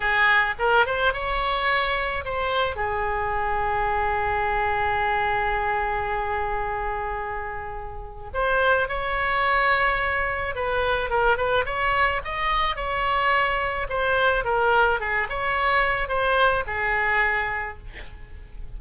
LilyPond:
\new Staff \with { instrumentName = "oboe" } { \time 4/4 \tempo 4 = 108 gis'4 ais'8 c''8 cis''2 | c''4 gis'2.~ | gis'1~ | gis'2. c''4 |
cis''2. b'4 | ais'8 b'8 cis''4 dis''4 cis''4~ | cis''4 c''4 ais'4 gis'8 cis''8~ | cis''4 c''4 gis'2 | }